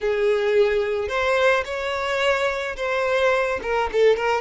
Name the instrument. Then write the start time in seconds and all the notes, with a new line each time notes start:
violin
0.00 G#4
1.08 C5
1.64 C#5
2.76 C5
3.62 A#4
3.92 A4
4.16 A#4